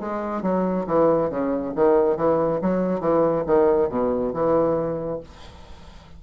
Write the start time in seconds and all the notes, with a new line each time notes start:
0.00 G#3
0.42 F#3
0.87 E3
1.29 C#3
1.75 D#3
2.17 E3
2.61 F#3
3.00 E3
3.46 D#3
3.89 B2
4.33 E3